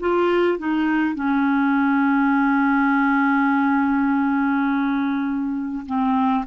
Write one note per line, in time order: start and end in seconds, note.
0.00 0.59 F4
0.59 1.15 D#4
1.15 5.86 C#4
5.86 6.45 C4